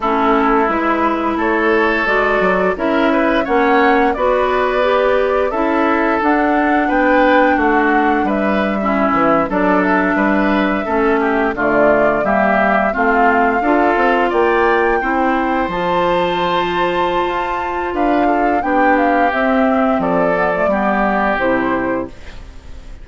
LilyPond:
<<
  \new Staff \with { instrumentName = "flute" } { \time 4/4 \tempo 4 = 87 a'4 b'4 cis''4 d''4 | e''4 fis''4 d''2 | e''4 fis''4 g''4 fis''4 | e''4.~ e''16 d''8 e''4.~ e''16~ |
e''8. d''4 e''4 f''4~ f''16~ | f''8. g''2 a''4~ a''16~ | a''2 f''4 g''8 f''8 | e''4 d''2 c''4 | }
  \new Staff \with { instrumentName = "oboe" } { \time 4/4 e'2 a'2 | ais'8 b'8 cis''4 b'2 | a'2 b'4 fis'4 | b'8. e'4 a'4 b'4 a'16~ |
a'16 g'8 f'4 g'4 f'4 a'16~ | a'8. d''4 c''2~ c''16~ | c''2 b'8 a'8 g'4~ | g'4 a'4 g'2 | }
  \new Staff \with { instrumentName = "clarinet" } { \time 4/4 cis'4 e'2 fis'4 | e'4 cis'4 fis'4 g'4 | e'4 d'2.~ | d'8. cis'4 d'2 cis'16~ |
cis'8. a4 ais4 c'4 f'16~ | f'4.~ f'16 e'4 f'4~ f'16~ | f'2. d'4 | c'4. b16 a16 b4 e'4 | }
  \new Staff \with { instrumentName = "bassoon" } { \time 4/4 a4 gis4 a4 gis8 fis8 | cis'4 ais4 b2 | cis'4 d'4 b4 a4 | g4~ g16 e8 fis4 g4 a16~ |
a8. d4 g4 a4 d'16~ | d'16 c'8 ais4 c'4 f4~ f16~ | f4 f'4 d'4 b4 | c'4 f4 g4 c4 | }
>>